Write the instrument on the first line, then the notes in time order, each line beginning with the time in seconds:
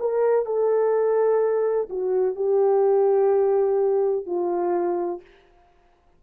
horn
0.00 A#4
0.45 A4
1.90 F#4
2.35 G4
4.26 F4